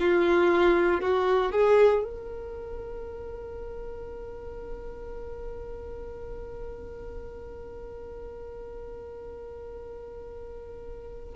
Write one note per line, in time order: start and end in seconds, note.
0.00 1.01 F4
1.01 1.52 F#4
1.52 2.04 G#4
2.04 11.35 A#4